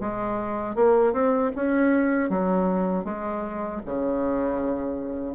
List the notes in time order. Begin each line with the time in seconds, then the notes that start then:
0.00 G#3
0.75 A#3
1.13 C4
1.56 C#4
2.29 F#3
3.04 G#3
3.85 C#3